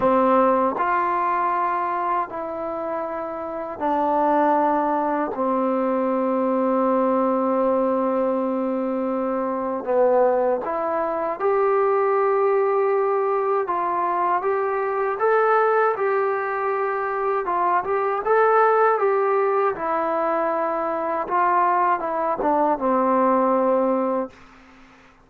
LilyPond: \new Staff \with { instrumentName = "trombone" } { \time 4/4 \tempo 4 = 79 c'4 f'2 e'4~ | e'4 d'2 c'4~ | c'1~ | c'4 b4 e'4 g'4~ |
g'2 f'4 g'4 | a'4 g'2 f'8 g'8 | a'4 g'4 e'2 | f'4 e'8 d'8 c'2 | }